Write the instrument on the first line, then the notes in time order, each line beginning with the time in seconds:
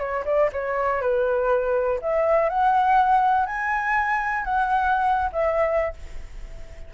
flute
0.00 C#5
0.26 D5
0.53 C#5
1.02 B4
2.02 E5
2.50 F#5
3.46 G#5
4.45 F#5
5.33 E5